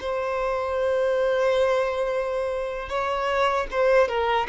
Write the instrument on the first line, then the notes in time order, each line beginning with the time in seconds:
violin
0.00 C5
2.89 C#5
3.71 C5
4.08 A#4